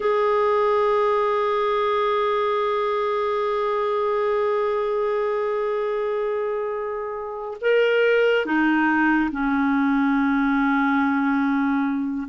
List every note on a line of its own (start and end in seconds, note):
0.00 7.57 G#4
7.61 8.45 A#4
8.45 9.30 D#4
9.31 12.27 C#4